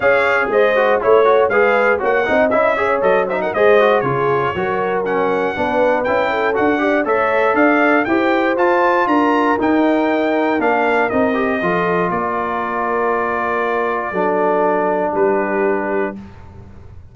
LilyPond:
<<
  \new Staff \with { instrumentName = "trumpet" } { \time 4/4 \tempo 4 = 119 f''4 dis''4 cis''4 f''4 | fis''4 e''4 dis''8 e''16 fis''16 dis''4 | cis''2 fis''2 | g''4 fis''4 e''4 f''4 |
g''4 a''4 ais''4 g''4~ | g''4 f''4 dis''2 | d''1~ | d''2 b'2 | }
  \new Staff \with { instrumentName = "horn" } { \time 4/4 cis''4 c''4 cis''4 b'4 | cis''8 dis''4 cis''4 c''16 ais'16 c''4 | gis'4 ais'2 b'4~ | b'8 a'4 d''8 cis''4 d''4 |
c''2 ais'2~ | ais'2. a'4 | ais'1 | a'2 g'2 | }
  \new Staff \with { instrumentName = "trombone" } { \time 4/4 gis'4. fis'8 e'8 fis'8 gis'4 | fis'8 dis'8 e'8 gis'8 a'8 dis'8 gis'8 fis'8 | f'4 fis'4 cis'4 d'4 | e'4 fis'8 g'8 a'2 |
g'4 f'2 dis'4~ | dis'4 d'4 dis'8 g'8 f'4~ | f'1 | d'1 | }
  \new Staff \with { instrumentName = "tuba" } { \time 4/4 cis'4 gis4 a4 gis4 | ais8 c'8 cis'4 fis4 gis4 | cis4 fis2 b4 | cis'4 d'4 a4 d'4 |
e'4 f'4 d'4 dis'4~ | dis'4 ais4 c'4 f4 | ais1 | fis2 g2 | }
>>